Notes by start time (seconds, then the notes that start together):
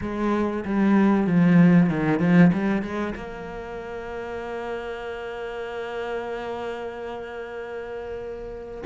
0.01 G#3
0.65 G3
1.27 F3
1.89 D#3
2.19 F3
2.53 G3
2.82 G#3
3.15 A#3